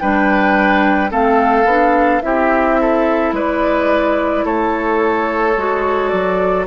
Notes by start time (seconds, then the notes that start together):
0.00 G3 D4 B4 G5
1.10 A3 C4 A4 F5
1.65 B3 D4
2.22 C4 E4 G4 E5
2.81 A4
3.33 G#3 B4 D5
4.45 A3 A4 C#5
5.57 G#3 F#4
6.09 F#3 D5